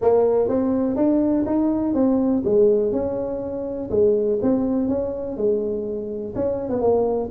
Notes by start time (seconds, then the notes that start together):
0.01 A#3
0.48 C4
0.96 D4
1.45 D#4
1.94 C4
2.44 G#3
2.92 C#4
3.90 G#3
4.41 C4
4.88 C#4
5.36 G#3
6.35 C#4
6.69 B3
6.80 A#3